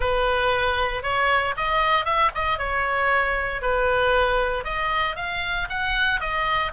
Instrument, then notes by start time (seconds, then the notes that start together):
oboe
0.00 B4
1.03 C#5
1.56 D#5
2.05 E5
2.35 D#5
2.58 C#5
3.61 B4
4.64 D#5
5.16 F5
5.69 F#5
6.20 D#5